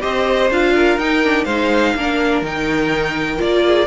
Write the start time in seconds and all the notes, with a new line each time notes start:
0.00 C4 G4 C5 D#5
0.50 D4 F4 F5
0.74 A#4
0.98 D#4 G5
1.23 D4
1.44 G#3 D#4 C5 F5
1.95 A#3 D4 A#4
2.42 D#3 D#4 G5
3.37 A#3 F4 D5
3.67 G#4